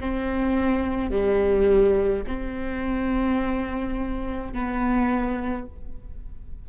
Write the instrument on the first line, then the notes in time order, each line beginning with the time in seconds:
viola
0.00 C4
1.11 G3
2.27 C4
4.53 B3